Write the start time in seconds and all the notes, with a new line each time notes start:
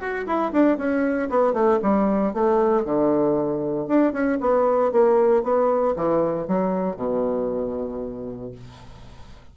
0.00 F#4
0.26 E4
0.53 D4
0.78 C#4
1.30 B3
1.53 A3
1.82 G3
2.33 A3
2.85 D3
3.88 D4
4.13 C#4
4.41 B3
4.92 A#3
5.43 B3
5.96 E3
6.48 F#3
6.97 B2